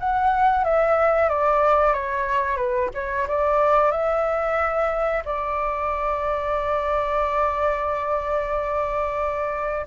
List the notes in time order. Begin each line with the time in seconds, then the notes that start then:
0.00 F#5
0.64 E5
1.29 D5
1.93 C#5
2.57 B4
2.94 C#5
3.28 D5
3.91 E5
5.25 D5